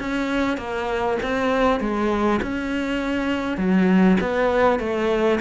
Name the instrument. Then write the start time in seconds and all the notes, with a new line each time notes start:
cello
0.00 C#4
0.58 A#3
1.23 C4
1.80 G#3
2.43 C#4
3.58 F#3
4.21 B3
4.80 A3